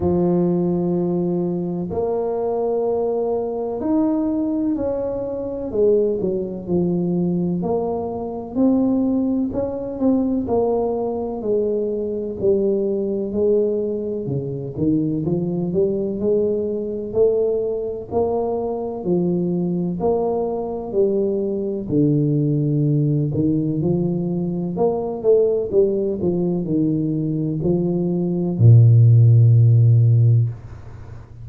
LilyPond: \new Staff \with { instrumentName = "tuba" } { \time 4/4 \tempo 4 = 63 f2 ais2 | dis'4 cis'4 gis8 fis8 f4 | ais4 c'4 cis'8 c'8 ais4 | gis4 g4 gis4 cis8 dis8 |
f8 g8 gis4 a4 ais4 | f4 ais4 g4 d4~ | d8 dis8 f4 ais8 a8 g8 f8 | dis4 f4 ais,2 | }